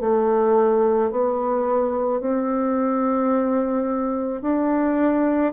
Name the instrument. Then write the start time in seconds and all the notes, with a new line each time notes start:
bassoon
0.00 A3
1.11 B3
2.21 C4
4.42 D4